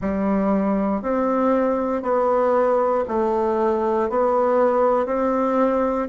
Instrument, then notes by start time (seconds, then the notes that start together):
bassoon
0.01 G3
1.02 C4
2.02 B3
3.07 A3
4.09 B3
5.06 C4